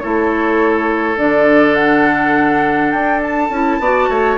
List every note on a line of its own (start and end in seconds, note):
0.00 1.18 A3
0.00 1.16 E4
0.00 3.81 A4
0.00 1.17 C#5
1.16 2.93 D3
1.16 3.49 D4
1.16 1.75 D5
1.75 2.91 F#5
2.91 3.50 D4
2.91 3.20 G5
3.22 4.37 A5
3.50 3.79 C#4
3.50 3.81 E4
3.79 4.08 B3
3.79 4.37 F#4
3.79 4.09 D5
4.09 4.37 A3
4.09 4.37 C#5